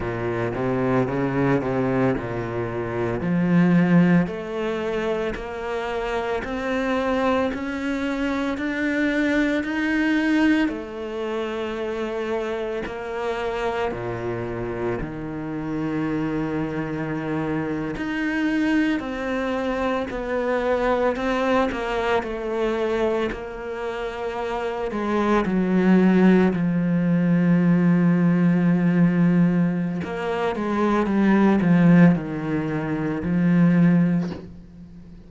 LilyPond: \new Staff \with { instrumentName = "cello" } { \time 4/4 \tempo 4 = 56 ais,8 c8 cis8 c8 ais,4 f4 | a4 ais4 c'4 cis'4 | d'4 dis'4 a2 | ais4 ais,4 dis2~ |
dis8. dis'4 c'4 b4 c'16~ | c'16 ais8 a4 ais4. gis8 fis16~ | fis8. f2.~ f16 | ais8 gis8 g8 f8 dis4 f4 | }